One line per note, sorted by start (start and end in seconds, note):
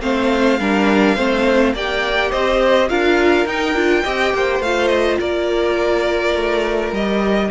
0.00 0.59 A3
0.00 0.58 C4
0.00 0.59 C5
0.00 1.74 F5
0.59 1.16 G3
0.59 1.17 D4
0.59 1.15 A#4
1.15 1.73 A3
1.15 1.75 C4
1.15 1.73 C5
1.73 2.31 A#3
1.73 2.89 G4
1.73 2.30 D5
1.73 2.31 G5
2.30 2.90 C4
2.30 2.88 C5
2.30 2.89 D#5
2.88 3.45 D4
2.88 3.46 F4
2.88 4.03 A#4
2.88 3.46 F5
3.45 3.73 D#4
3.45 3.75 D#4
3.45 4.62 G5
3.73 4.02 D4
3.73 4.04 F4
4.03 4.33 C4
4.03 4.61 G4
4.03 4.32 D#5
4.33 4.59 A#3
4.33 5.19 C5
4.59 5.17 A3
4.59 6.95 F4
4.59 4.87 F5
4.87 5.16 D#5
5.19 6.34 A#3
5.19 7.50 A#4
5.19 6.93 D5
6.34 6.92 A3
6.92 7.49 G3
6.92 7.50 G4
6.92 7.50 D#5